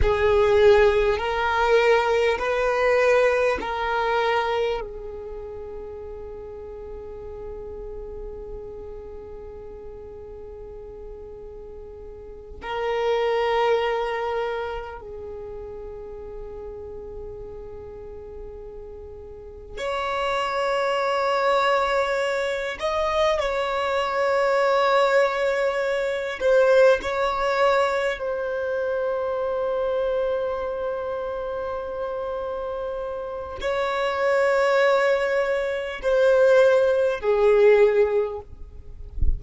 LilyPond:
\new Staff \with { instrumentName = "violin" } { \time 4/4 \tempo 4 = 50 gis'4 ais'4 b'4 ais'4 | gis'1~ | gis'2~ gis'8 ais'4.~ | ais'8 gis'2.~ gis'8~ |
gis'8 cis''2~ cis''8 dis''8 cis''8~ | cis''2 c''8 cis''4 c''8~ | c''1 | cis''2 c''4 gis'4 | }